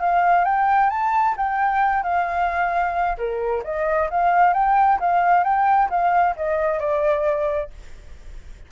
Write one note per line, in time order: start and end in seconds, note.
0.00 0.45 F5
0.45 0.90 G5
0.90 1.35 A5
1.37 2.03 G5
2.03 3.17 F5
3.18 3.63 A#4
3.64 4.10 D#5
4.10 4.54 F5
4.54 4.99 G5
5.00 5.44 F5
5.44 5.89 G5
5.90 6.36 F5
6.36 6.80 D#5
6.80 7.70 D5